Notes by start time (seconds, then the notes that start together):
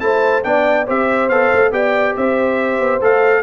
0.00 A3 E4 C5 A5
0.44 B3 D4 D5 G5
0.86 C4 G4 C5 E5
1.29 B3 A4 F5
1.53 A3
1.72 B3 G4 D5 G5
2.16 C4 C5 E5
2.79 B3
3.01 A3 A4 F5